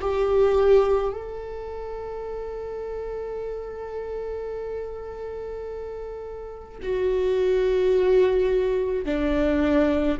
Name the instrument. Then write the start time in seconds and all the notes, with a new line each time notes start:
viola
0.00 G4
1.13 A4
6.82 F#4
9.05 D4